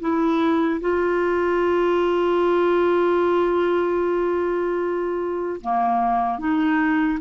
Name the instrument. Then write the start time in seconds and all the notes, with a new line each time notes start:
clarinet
0.00 E4
0.81 F4
5.61 A#3
6.39 D#4